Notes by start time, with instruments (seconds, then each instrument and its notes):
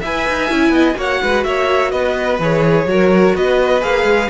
0.00 cello E4, viola B4, violin E5 G#5
0.28 cello D#4
0.50 cello C#4, viola E4
0.69 cello B3, violin D#5
0.95 cello A#3, viola F#4, violin C#5 F#5
1.22 cello G#3, violin B4
1.44 cello A#3, violin C#5 E5
1.91 cello B3, violin B4 D#5
2.39 cello E3, viola G#4, violin C#5
2.86 cello F#3, viola F#4, violin A#4
3.35 cello B3, violin B4 D#5
3.81 cello A#3, viola G#4, violin F5
4.04 cello G#3